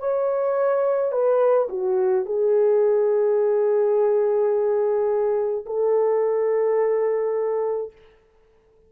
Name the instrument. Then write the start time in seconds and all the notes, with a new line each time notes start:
horn
0.00 C#5
1.12 B4
1.69 F#4
2.26 G#4
5.66 A4